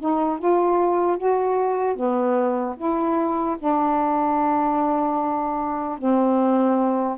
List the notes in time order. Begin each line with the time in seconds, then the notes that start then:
0.00 D#4
0.39 F4
1.18 F#4
1.96 B3
2.77 E4
3.59 D4
5.99 C4